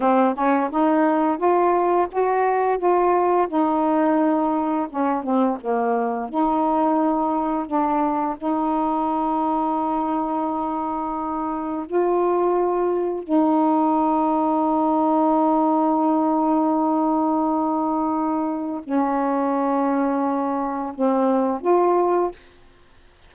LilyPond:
\new Staff \with { instrumentName = "saxophone" } { \time 4/4 \tempo 4 = 86 c'8 cis'8 dis'4 f'4 fis'4 | f'4 dis'2 cis'8 c'8 | ais4 dis'2 d'4 | dis'1~ |
dis'4 f'2 dis'4~ | dis'1~ | dis'2. cis'4~ | cis'2 c'4 f'4 | }